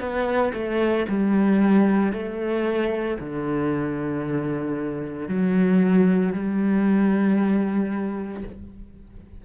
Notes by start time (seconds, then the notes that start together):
0.00 B3
0.54 A3
1.09 G3
2.13 A3
3.20 D3
5.28 F#3
6.33 G3